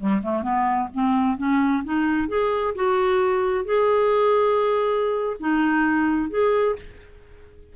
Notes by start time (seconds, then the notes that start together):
0.00 G3
0.23 A3
0.43 B3
0.94 C4
1.38 C#4
1.85 D#4
2.29 G#4
2.75 F#4
3.65 G#4
5.40 D#4
6.30 G#4